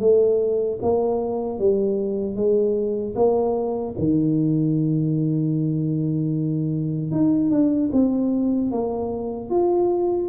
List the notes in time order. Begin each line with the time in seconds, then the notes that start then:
0.00 A3
0.82 A#3
1.59 G3
2.36 G#3
3.16 A#3
3.99 D#3
7.12 D#4
7.51 D4
7.93 C4
8.71 A#3
9.50 F4